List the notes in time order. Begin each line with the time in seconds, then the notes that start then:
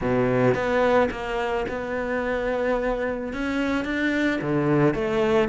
0.01 B2
0.54 B3
1.11 A#3
1.68 B3
3.33 C#4
3.84 D4
4.41 D3
4.94 A3